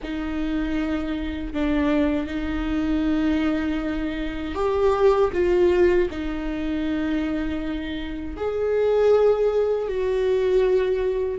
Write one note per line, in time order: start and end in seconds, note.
0.02 1.53 D#4
1.53 2.26 D4
2.26 4.54 D#4
4.54 5.30 G4
5.32 6.08 F4
6.10 8.36 D#4
8.36 9.88 G#4
9.88 11.39 F#4